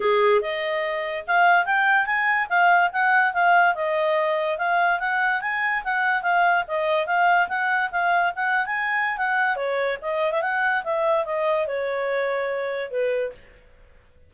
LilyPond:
\new Staff \with { instrumentName = "clarinet" } { \time 4/4 \tempo 4 = 144 gis'4 dis''2 f''4 | g''4 gis''4 f''4 fis''4 | f''4 dis''2 f''4 | fis''4 gis''4 fis''4 f''4 |
dis''4 f''4 fis''4 f''4 | fis''8. gis''4~ gis''16 fis''4 cis''4 | dis''8. e''16 fis''4 e''4 dis''4 | cis''2. b'4 | }